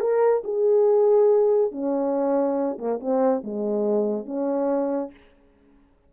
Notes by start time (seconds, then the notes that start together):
0.00 A#4
0.44 G#4
1.72 C#4
2.78 A#3
3.00 C4
3.44 G#3
4.26 C#4